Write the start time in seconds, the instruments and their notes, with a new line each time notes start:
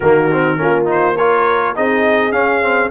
0.00 tuba D#3, trombone A#3, horn F#4, trumpet A#4
0.31 trombone C4
0.57 tuba A#3, trombone C#4, horn F4
0.85 trombone D#4, trumpet C5
1.16 trombone F4, horn A#4, trumpet C#5
1.75 tuba C4, trombone D#4, horn G#4, trumpet D#5
2.32 tuba C#4, trombone C#4, trumpet F5
2.61 trombone C4